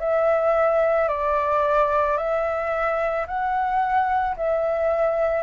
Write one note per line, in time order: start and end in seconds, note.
0.00 1.08 E5
1.08 2.17 D5
2.17 3.26 E5
3.27 4.36 F#5
4.37 5.43 E5